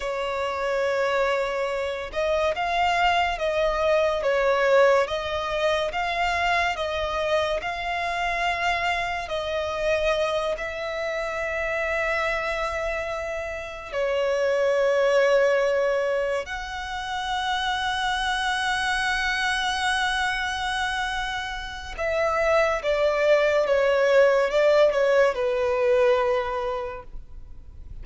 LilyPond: \new Staff \with { instrumentName = "violin" } { \time 4/4 \tempo 4 = 71 cis''2~ cis''8 dis''8 f''4 | dis''4 cis''4 dis''4 f''4 | dis''4 f''2 dis''4~ | dis''8 e''2.~ e''8~ |
e''8 cis''2. fis''8~ | fis''1~ | fis''2 e''4 d''4 | cis''4 d''8 cis''8 b'2 | }